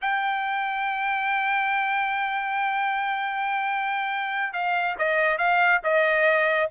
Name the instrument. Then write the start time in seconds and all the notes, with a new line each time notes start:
trumpet
0.01 G5
4.53 F5
4.98 D#5
5.38 F5
5.83 D#5